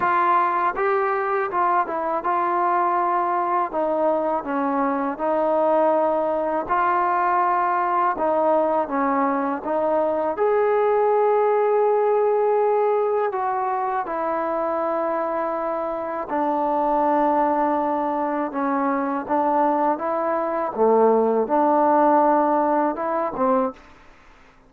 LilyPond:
\new Staff \with { instrumentName = "trombone" } { \time 4/4 \tempo 4 = 81 f'4 g'4 f'8 e'8 f'4~ | f'4 dis'4 cis'4 dis'4~ | dis'4 f'2 dis'4 | cis'4 dis'4 gis'2~ |
gis'2 fis'4 e'4~ | e'2 d'2~ | d'4 cis'4 d'4 e'4 | a4 d'2 e'8 c'8 | }